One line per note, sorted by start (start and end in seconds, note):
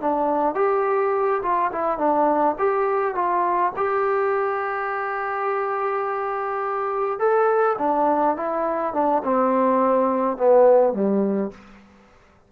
0.00 0.55 D4
0.55 1.41 G4
1.42 1.71 F4
1.72 1.98 E4
1.98 2.55 D4
2.58 3.14 G4
3.14 3.72 F4
3.76 7.19 G4
7.19 7.77 A4
7.78 8.36 D4
8.36 8.93 E4
8.93 9.22 D4
9.24 10.37 C4
10.37 10.93 B3
10.93 11.50 G3